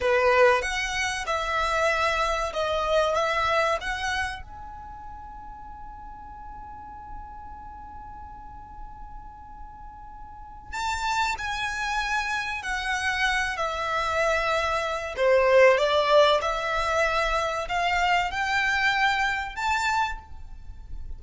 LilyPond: \new Staff \with { instrumentName = "violin" } { \time 4/4 \tempo 4 = 95 b'4 fis''4 e''2 | dis''4 e''4 fis''4 gis''4~ | gis''1~ | gis''1~ |
gis''4 a''4 gis''2 | fis''4. e''2~ e''8 | c''4 d''4 e''2 | f''4 g''2 a''4 | }